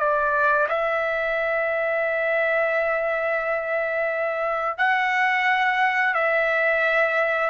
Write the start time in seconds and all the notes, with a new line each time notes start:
0.00 D5
0.69 E5
4.78 F#5
6.15 E5